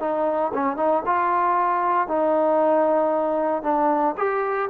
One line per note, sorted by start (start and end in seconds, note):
0.00 0.52 D#4
0.54 0.77 C#4
0.77 1.03 D#4
1.06 2.08 F4
2.08 3.63 D#4
3.63 4.15 D4
4.18 4.70 G4